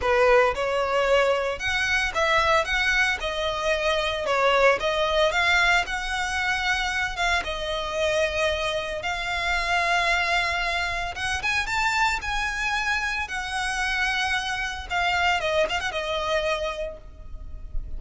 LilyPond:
\new Staff \with { instrumentName = "violin" } { \time 4/4 \tempo 4 = 113 b'4 cis''2 fis''4 | e''4 fis''4 dis''2 | cis''4 dis''4 f''4 fis''4~ | fis''4. f''8 dis''2~ |
dis''4 f''2.~ | f''4 fis''8 gis''8 a''4 gis''4~ | gis''4 fis''2. | f''4 dis''8 f''16 fis''16 dis''2 | }